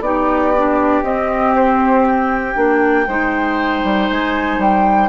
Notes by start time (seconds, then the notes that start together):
0.00 B3 D#4 G4 D5
0.57 D4
1.03 C4 D#5
1.56 C5
2.07 G5
2.55 A#3 D4
3.07 G#3 D#4 C5
3.84 G3
4.10 G#3 G#5
4.58 G3 G5